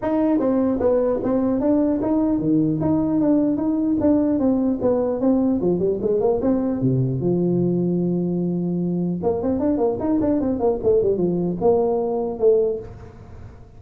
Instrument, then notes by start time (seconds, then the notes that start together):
tuba
0.02 D#4
0.39 C4
0.80 B3
1.23 C4
1.60 D4
2.01 D#4
2.39 D#3
2.80 D#4
3.20 D4
3.56 D#4
4.00 D4
4.39 C4
4.81 B3
5.20 C4
5.61 F3
5.79 G3
6.01 G#3
6.20 A#3
6.41 C4
6.81 C3
7.20 F3
9.22 A#3
9.42 C4
9.59 D4
9.77 A#3
9.99 D#4
10.21 D4
10.40 C4
10.59 A#3
10.83 A3
11.01 G3
11.17 F3
11.61 A#3
12.39 A3